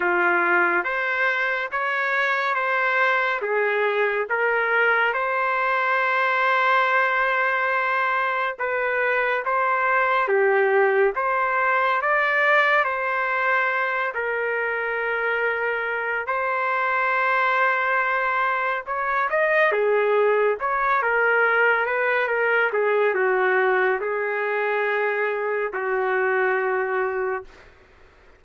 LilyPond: \new Staff \with { instrumentName = "trumpet" } { \time 4/4 \tempo 4 = 70 f'4 c''4 cis''4 c''4 | gis'4 ais'4 c''2~ | c''2 b'4 c''4 | g'4 c''4 d''4 c''4~ |
c''8 ais'2~ ais'8 c''4~ | c''2 cis''8 dis''8 gis'4 | cis''8 ais'4 b'8 ais'8 gis'8 fis'4 | gis'2 fis'2 | }